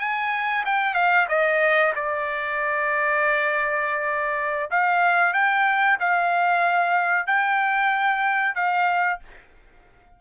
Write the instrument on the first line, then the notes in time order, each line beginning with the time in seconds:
trumpet
0.00 G#5
0.66 G5
0.94 F5
1.29 D#5
1.96 D5
4.71 F5
5.34 G5
6.00 F5
7.27 G5
8.55 F5